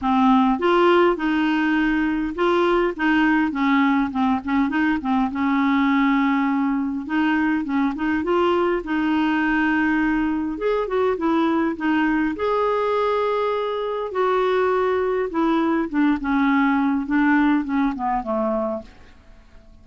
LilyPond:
\new Staff \with { instrumentName = "clarinet" } { \time 4/4 \tempo 4 = 102 c'4 f'4 dis'2 | f'4 dis'4 cis'4 c'8 cis'8 | dis'8 c'8 cis'2. | dis'4 cis'8 dis'8 f'4 dis'4~ |
dis'2 gis'8 fis'8 e'4 | dis'4 gis'2. | fis'2 e'4 d'8 cis'8~ | cis'4 d'4 cis'8 b8 a4 | }